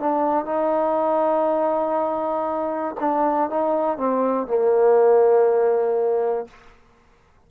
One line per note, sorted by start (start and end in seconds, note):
0.00 0.45 D4
0.45 2.95 D#4
3.00 3.50 D4
3.50 3.98 D#4
3.98 4.47 C4
4.47 6.47 A#3